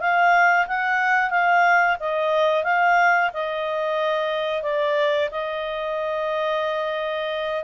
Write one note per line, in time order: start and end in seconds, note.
0.00 0.67 F5
0.68 1.30 F#5
1.30 1.97 F5
2.00 2.64 D#5
2.64 3.31 F5
3.33 4.63 D#5
4.63 5.29 D5
5.31 7.64 D#5